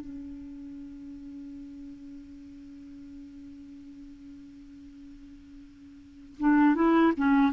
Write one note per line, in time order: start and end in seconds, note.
0.00 6.38 C#4
6.39 6.75 D4
6.75 7.12 E4
7.17 7.52 C#4